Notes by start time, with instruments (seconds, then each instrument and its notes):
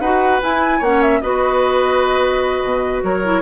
0.00 bassoon D#4, clarinet F#4, oboe B4, flute F#5
0.42 clarinet E4, bassoon E4, flute G#5
0.79 bassoon A#3, oboe C#5, flute F#5
0.85 clarinet C#4
1.02 flute E5
1.22 bassoon B3, clarinet F#4, oboe B4, flute D#5
2.64 bassoon B2
3.03 bassoon F#3, oboe A#4, flute C#5
3.24 clarinet E4